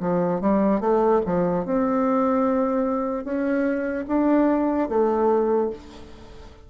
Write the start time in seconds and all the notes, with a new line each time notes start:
0.00 F3
0.41 G3
0.80 A3
1.25 F3
1.65 C4
3.24 C#4
4.08 D4
4.89 A3